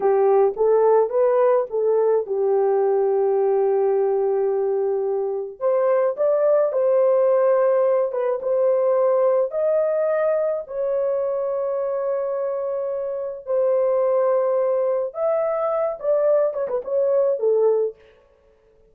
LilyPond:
\new Staff \with { instrumentName = "horn" } { \time 4/4 \tempo 4 = 107 g'4 a'4 b'4 a'4 | g'1~ | g'2 c''4 d''4 | c''2~ c''8 b'8 c''4~ |
c''4 dis''2 cis''4~ | cis''1 | c''2. e''4~ | e''8 d''4 cis''16 b'16 cis''4 a'4 | }